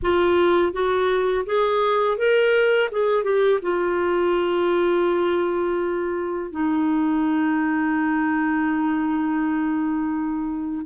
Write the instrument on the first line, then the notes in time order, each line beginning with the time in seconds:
clarinet
0.02 F4
0.73 F#4
1.46 G#4
2.17 A#4
2.91 G#4
3.23 G4
3.61 F4
6.51 D#4